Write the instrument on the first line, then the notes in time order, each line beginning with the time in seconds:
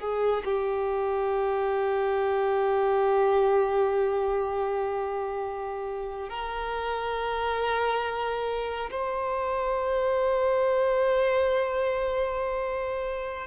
violin
0.00 G#4
0.45 G4
6.29 A#4
8.91 C5